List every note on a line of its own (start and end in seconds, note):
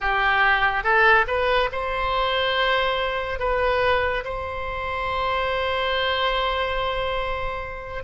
0.00 0.83 G4
0.83 1.25 A4
1.27 1.69 B4
1.71 3.39 C5
3.39 4.23 B4
4.24 8.03 C5